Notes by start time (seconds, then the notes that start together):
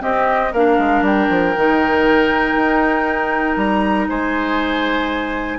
0.00 C4 G4 D#5
0.53 A#3 D4 A#4 F5
0.78 G#3
1.02 G3 G5
1.30 F3
1.56 D#3 D#4
2.56 D#4
3.57 G3 A#5
4.09 G#3 C5 G#5